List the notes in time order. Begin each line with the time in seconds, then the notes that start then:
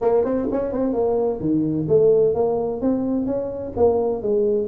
0.01 A#3
0.24 C4
0.51 C#4
0.72 C4
0.93 A#3
1.40 D#3
1.88 A3
2.34 A#3
2.81 C4
3.26 C#4
3.76 A#3
4.22 G#3